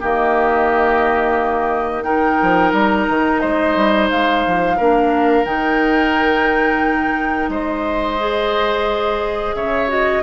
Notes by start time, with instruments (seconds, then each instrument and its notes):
0.00 bassoon D#3, clarinet A#3, oboe G4, flute D#5
2.03 clarinet D#4, oboe A#4, flute G5
2.42 bassoon F3
2.73 bassoon G3, flute A#5
3.09 bassoon D#3
3.40 bassoon G#3, oboe C5, flute D#5
3.76 bassoon G3
4.10 bassoon G#3, flute F5
4.46 bassoon F3
4.77 bassoon A#3, clarinet D4, oboe A#4
5.44 bassoon D#3, clarinet D#4, flute G5
7.48 bassoon G#3, oboe C5, flute D#5
8.18 clarinet G#4
9.54 bassoon C#3, oboe C#5, flute E5
9.87 clarinet F#4, flute D#5